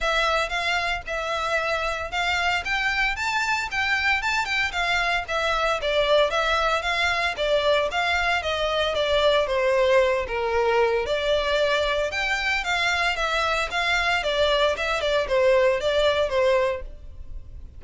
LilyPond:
\new Staff \with { instrumentName = "violin" } { \time 4/4 \tempo 4 = 114 e''4 f''4 e''2 | f''4 g''4 a''4 g''4 | a''8 g''8 f''4 e''4 d''4 | e''4 f''4 d''4 f''4 |
dis''4 d''4 c''4. ais'8~ | ais'4 d''2 g''4 | f''4 e''4 f''4 d''4 | e''8 d''8 c''4 d''4 c''4 | }